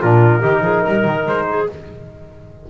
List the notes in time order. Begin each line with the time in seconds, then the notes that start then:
0.00 A#2 D4 F4 A#4
0.40 D#3 D#4 G4
0.61 F3 G#4
0.83 G3 A#4
1.05 D#3
1.26 G#3 C5
1.49 G#4